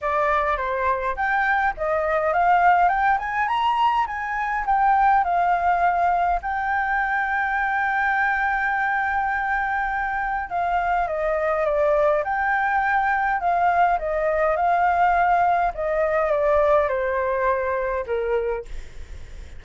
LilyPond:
\new Staff \with { instrumentName = "flute" } { \time 4/4 \tempo 4 = 103 d''4 c''4 g''4 dis''4 | f''4 g''8 gis''8 ais''4 gis''4 | g''4 f''2 g''4~ | g''1~ |
g''2 f''4 dis''4 | d''4 g''2 f''4 | dis''4 f''2 dis''4 | d''4 c''2 ais'4 | }